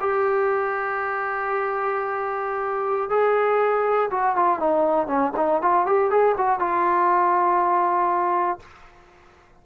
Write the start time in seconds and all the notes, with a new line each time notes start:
0.00 G4
3.10 G#4
4.10 F#4
4.35 F4
4.59 D#4
5.07 C#4
5.36 D#4
5.62 F4
5.86 G4
6.10 G#4
6.37 F#4
6.59 F4